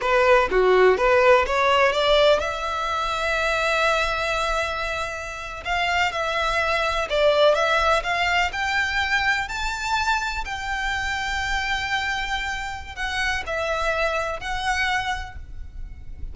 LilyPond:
\new Staff \with { instrumentName = "violin" } { \time 4/4 \tempo 4 = 125 b'4 fis'4 b'4 cis''4 | d''4 e''2.~ | e''2.~ e''8. f''16~ | f''8. e''2 d''4 e''16~ |
e''8. f''4 g''2 a''16~ | a''4.~ a''16 g''2~ g''16~ | g''2. fis''4 | e''2 fis''2 | }